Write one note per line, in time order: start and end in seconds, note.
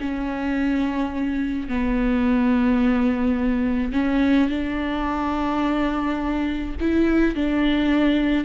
0.00 1.68 C#4
1.68 3.92 B3
3.92 4.49 C#4
4.49 6.76 D4
6.80 7.35 E4
7.35 8.44 D4